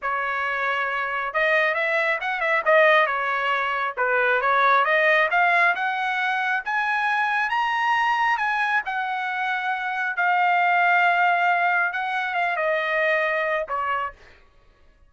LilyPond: \new Staff \with { instrumentName = "trumpet" } { \time 4/4 \tempo 4 = 136 cis''2. dis''4 | e''4 fis''8 e''8 dis''4 cis''4~ | cis''4 b'4 cis''4 dis''4 | f''4 fis''2 gis''4~ |
gis''4 ais''2 gis''4 | fis''2. f''4~ | f''2. fis''4 | f''8 dis''2~ dis''8 cis''4 | }